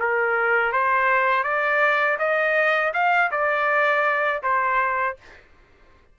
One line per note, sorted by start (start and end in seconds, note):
0.00 0.73 A#4
0.73 1.44 C5
1.44 2.18 D5
2.19 2.93 D#5
2.94 3.31 F5
3.32 4.43 D5
4.43 5.17 C5